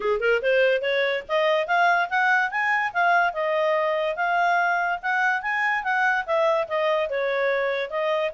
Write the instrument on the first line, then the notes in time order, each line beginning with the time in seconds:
clarinet
0.00 G#4
0.20 A#4
0.42 C5
0.81 C#5
1.28 D#5
1.67 F5
2.09 F#5
2.51 G#5
2.93 F5
3.33 D#5
4.16 F5
5.02 F#5
5.41 G#5
5.83 F#5
6.26 E5
6.68 D#5
7.09 C#5
7.90 D#5